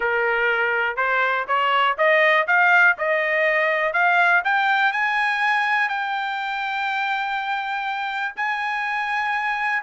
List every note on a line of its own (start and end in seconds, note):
0.00 0.96 A#4
0.96 1.45 C5
1.47 1.96 C#5
1.97 2.46 D#5
2.47 2.96 F5
2.98 3.93 D#5
3.93 4.42 F5
4.44 4.92 G5
4.92 5.88 G#5
5.88 8.34 G5
8.36 9.82 G#5